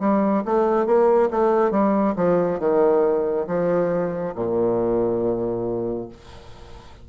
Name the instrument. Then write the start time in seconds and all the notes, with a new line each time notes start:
bassoon
0.00 G3
0.45 A3
0.87 A#3
1.31 A3
1.72 G3
2.16 F3
2.60 D#3
3.47 F3
4.35 A#2